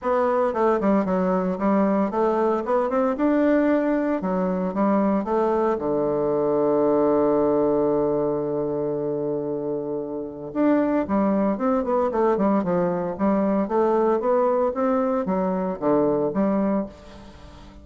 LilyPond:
\new Staff \with { instrumentName = "bassoon" } { \time 4/4 \tempo 4 = 114 b4 a8 g8 fis4 g4 | a4 b8 c'8 d'2 | fis4 g4 a4 d4~ | d1~ |
d1 | d'4 g4 c'8 b8 a8 g8 | f4 g4 a4 b4 | c'4 fis4 d4 g4 | }